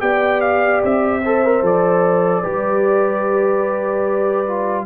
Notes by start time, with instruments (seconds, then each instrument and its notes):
0.00 tuba B3, trombone G4, horn D5, trumpet G5
0.41 trumpet F5
0.84 tuba C4, trumpet E5
1.22 trombone A4, horn C5
1.45 trombone A#4
1.62 tuba F3, trombone A4, trumpet D5
2.42 tuba G3, trombone G4, horn B4
4.47 trombone F4